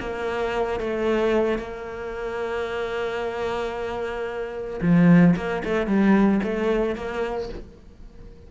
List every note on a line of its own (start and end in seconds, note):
0.00 0.80 A#3
0.80 1.58 A3
1.58 4.80 A#3
4.82 5.35 F3
5.36 5.63 A#3
5.64 5.87 A3
5.87 6.40 G3
6.43 6.95 A3
6.95 7.49 A#3